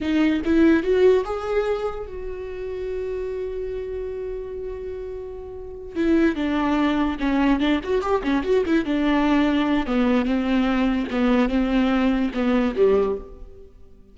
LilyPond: \new Staff \with { instrumentName = "viola" } { \time 4/4 \tempo 4 = 146 dis'4 e'4 fis'4 gis'4~ | gis'4 fis'2.~ | fis'1~ | fis'2~ fis'8 e'4 d'8~ |
d'4. cis'4 d'8 fis'8 g'8 | cis'8 fis'8 e'8 d'2~ d'8 | b4 c'2 b4 | c'2 b4 g4 | }